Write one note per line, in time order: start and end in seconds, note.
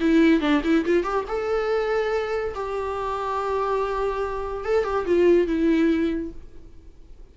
0.00 0.41 E4
0.41 0.62 D4
0.64 0.85 E4
0.85 1.04 F4
1.04 1.25 G4
1.28 2.54 A4
2.55 4.64 G4
4.64 4.84 A4
4.84 5.06 G4
5.06 5.47 F4
5.47 6.31 E4